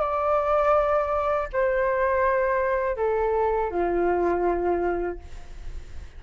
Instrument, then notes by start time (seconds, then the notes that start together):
flute
0.00 D5
1.53 C5
2.96 A4
3.70 F4